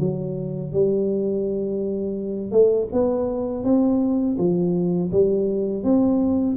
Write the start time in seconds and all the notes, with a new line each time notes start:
0.00 F#3
0.73 G3
2.52 A3
2.93 B3
3.64 C4
4.38 F3
5.12 G3
5.84 C4